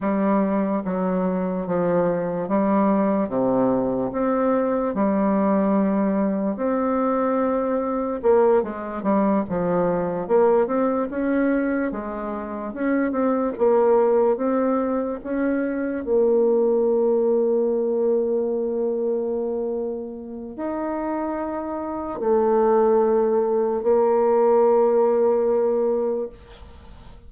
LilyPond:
\new Staff \with { instrumentName = "bassoon" } { \time 4/4 \tempo 4 = 73 g4 fis4 f4 g4 | c4 c'4 g2 | c'2 ais8 gis8 g8 f8~ | f8 ais8 c'8 cis'4 gis4 cis'8 |
c'8 ais4 c'4 cis'4 ais8~ | ais1~ | ais4 dis'2 a4~ | a4 ais2. | }